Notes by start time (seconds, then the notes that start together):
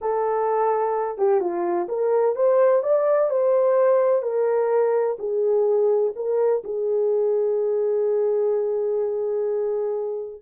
0.01 A4
1.18 G4
1.40 F4
1.88 A#4
2.35 C5
2.82 D5
3.29 C5
4.22 A#4
5.18 G#4
6.15 A#4
6.64 G#4